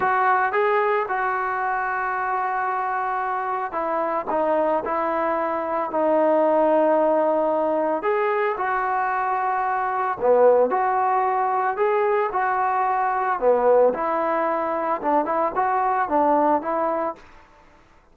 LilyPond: \new Staff \with { instrumentName = "trombone" } { \time 4/4 \tempo 4 = 112 fis'4 gis'4 fis'2~ | fis'2. e'4 | dis'4 e'2 dis'4~ | dis'2. gis'4 |
fis'2. b4 | fis'2 gis'4 fis'4~ | fis'4 b4 e'2 | d'8 e'8 fis'4 d'4 e'4 | }